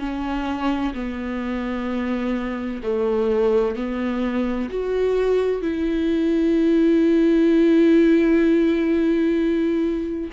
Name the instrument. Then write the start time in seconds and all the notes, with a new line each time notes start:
viola
0.00 C#4
0.94 B3
2.83 A3
3.76 B3
4.70 F#4
5.62 E4